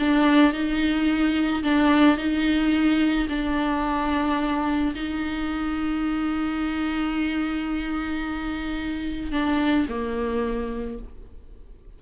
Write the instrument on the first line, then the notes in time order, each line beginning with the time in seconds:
viola
0.00 D4
0.54 D#4
1.64 D4
2.18 D#4
3.30 D4
4.96 D#4
9.32 D4
9.89 A#3